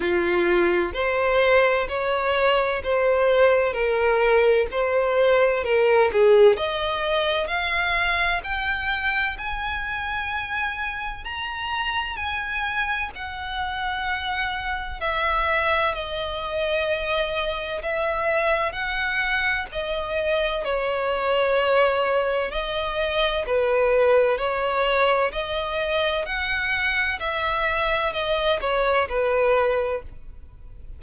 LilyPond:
\new Staff \with { instrumentName = "violin" } { \time 4/4 \tempo 4 = 64 f'4 c''4 cis''4 c''4 | ais'4 c''4 ais'8 gis'8 dis''4 | f''4 g''4 gis''2 | ais''4 gis''4 fis''2 |
e''4 dis''2 e''4 | fis''4 dis''4 cis''2 | dis''4 b'4 cis''4 dis''4 | fis''4 e''4 dis''8 cis''8 b'4 | }